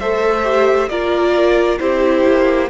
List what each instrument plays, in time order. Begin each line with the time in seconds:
0.00 cello A3, viola A4, violin C5 E5
0.44 viola G4
0.89 cello A#3, viola F4, violin A#4 D5
1.80 cello C4, viola E4, violin G4 C5
2.26 cello A#3